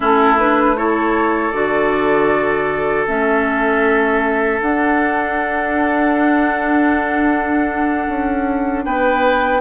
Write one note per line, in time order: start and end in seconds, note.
0.00 1.52 A3
0.00 0.37 C#4
0.00 0.76 E4
0.00 0.38 A4
0.38 0.76 D4
0.38 0.76 B4
0.76 1.53 E4
0.76 8.84 A4
0.76 1.51 C#5
1.51 3.05 D3
1.51 3.06 F#4
1.51 3.05 D5
3.06 4.61 A3
3.06 4.60 C#4
3.06 4.61 E5
4.61 8.07 D4
4.61 9.61 D4
4.61 8.85 F#5
8.08 8.84 C#4
8.84 9.61 B3
8.84 9.61 B4
8.84 9.61 G5